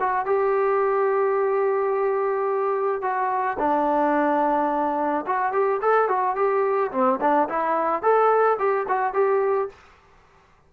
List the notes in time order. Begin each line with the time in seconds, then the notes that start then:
0.00 F#4
0.26 G4
3.02 F#4
3.59 D4
5.26 F#4
5.53 G4
5.82 A4
6.08 F#4
6.35 G4
6.92 C4
7.21 D4
7.49 E4
8.02 A4
8.59 G4
8.88 F#4
9.14 G4